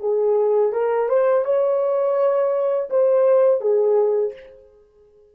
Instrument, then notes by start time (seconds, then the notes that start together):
horn
0.00 G#4
0.73 A#4
1.09 C5
1.45 C#5
2.90 C5
3.61 G#4